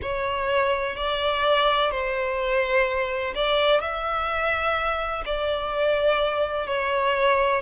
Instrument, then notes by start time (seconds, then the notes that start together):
violin
0.02 C#5
0.95 D5
1.90 C5
3.35 D5
3.80 E5
5.25 D5
6.66 C#5